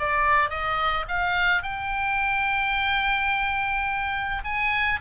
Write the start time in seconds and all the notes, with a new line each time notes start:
0.00 D5
0.50 D#5
1.09 F5
1.63 G5
4.45 G#5